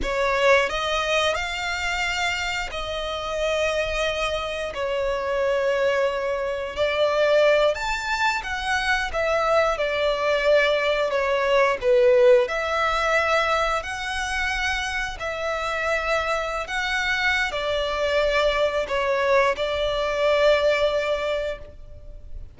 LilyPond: \new Staff \with { instrumentName = "violin" } { \time 4/4 \tempo 4 = 89 cis''4 dis''4 f''2 | dis''2. cis''4~ | cis''2 d''4. a''8~ | a''8 fis''4 e''4 d''4.~ |
d''8 cis''4 b'4 e''4.~ | e''8 fis''2 e''4.~ | e''8. fis''4~ fis''16 d''2 | cis''4 d''2. | }